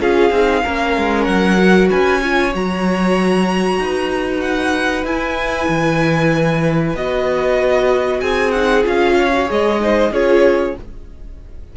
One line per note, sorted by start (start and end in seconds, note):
0.00 0.31 C#4
0.00 0.32 F4
0.00 0.64 G#4
0.00 1.24 F5
0.31 0.62 C4
0.31 0.64 D#4
0.64 0.97 A#3
0.64 1.58 C#4
0.64 1.89 A#4
0.97 1.27 G#3
1.24 1.90 F#3
1.24 1.87 F#5
1.58 2.21 F#4
1.89 2.54 C#4
1.89 2.20 B4
1.89 2.54 G#5
2.22 2.52 F4
2.22 3.80 C#5
2.52 3.79 F#3
2.52 5.05 F#4
2.52 4.41 A#5
3.79 5.04 D#4
3.79 8.21 B4
4.41 5.04 F#5
5.04 5.67 E4
5.04 6.96 E4
5.04 6.96 G#5
5.68 6.94 E3
6.94 8.21 B3
6.94 8.54 F#4
6.94 8.21 D#5
8.21 8.85 C4
8.21 9.16 G#4
8.21 8.51 G#5
8.51 8.83 D#4
8.51 8.83 F#5
8.83 9.49 C#4
8.83 9.30 F4
8.83 9.50 F5
9.19 9.82 C#5
9.33 9.46 F#4
9.46 10.11 G#3
9.46 9.78 G#4
9.46 10.14 D#5
9.80 10.11 D#4
9.80 10.13 C5
10.11 10.74 C#4
10.11 10.76 F4
10.11 10.76 G#4
10.11 10.77 C#5